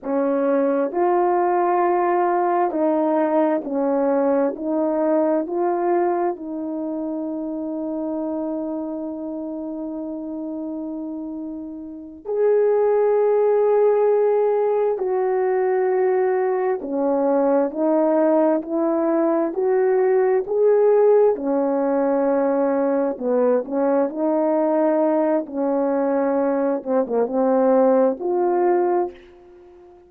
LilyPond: \new Staff \with { instrumentName = "horn" } { \time 4/4 \tempo 4 = 66 cis'4 f'2 dis'4 | cis'4 dis'4 f'4 dis'4~ | dis'1~ | dis'4. gis'2~ gis'8~ |
gis'8 fis'2 cis'4 dis'8~ | dis'8 e'4 fis'4 gis'4 cis'8~ | cis'4. b8 cis'8 dis'4. | cis'4. c'16 ais16 c'4 f'4 | }